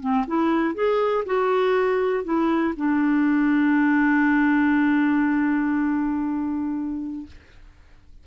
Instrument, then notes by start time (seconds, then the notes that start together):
clarinet
0.00 C4
0.27 E4
0.74 G#4
1.25 F#4
2.24 E4
2.76 D4